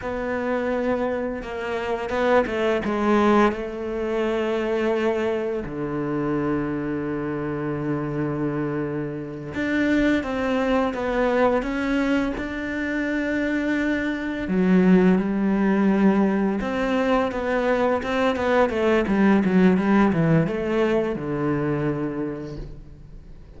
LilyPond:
\new Staff \with { instrumentName = "cello" } { \time 4/4 \tempo 4 = 85 b2 ais4 b8 a8 | gis4 a2. | d1~ | d4. d'4 c'4 b8~ |
b8 cis'4 d'2~ d'8~ | d'8 fis4 g2 c'8~ | c'8 b4 c'8 b8 a8 g8 fis8 | g8 e8 a4 d2 | }